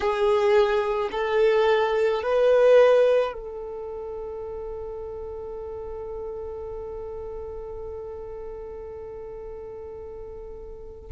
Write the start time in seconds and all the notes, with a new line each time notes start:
0.00 G#4
1.11 A4
2.22 B4
3.33 A4